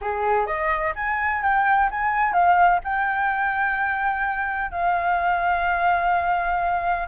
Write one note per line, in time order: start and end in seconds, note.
0.01 0.46 G#4
0.46 0.93 D#5
0.95 1.42 G#5
1.42 1.89 G5
1.90 2.33 G#5
2.33 2.80 F5
2.83 4.71 G5
4.71 7.07 F5